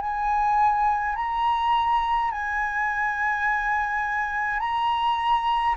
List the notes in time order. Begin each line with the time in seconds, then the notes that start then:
0.00 G#5
1.15 A#5
2.31 G#5
4.59 A#5